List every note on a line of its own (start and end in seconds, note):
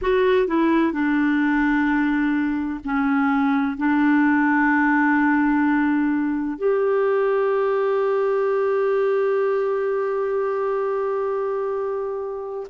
0.01 0.47 F#4
0.47 0.92 E4
0.92 2.80 D4
2.84 3.77 C#4
3.77 6.58 D4
6.58 12.67 G4